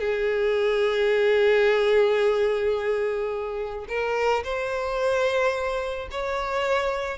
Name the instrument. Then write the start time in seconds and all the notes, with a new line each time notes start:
violin
0.00 G#4
3.89 A#4
4.44 C5
6.11 C#5